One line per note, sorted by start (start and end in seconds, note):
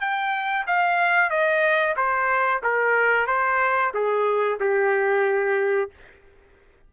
0.00 0.65 G5
0.67 1.30 F5
1.30 1.95 D#5
1.96 2.61 C5
2.62 3.27 A#4
3.27 3.92 C5
3.94 4.59 G#4
4.59 5.90 G4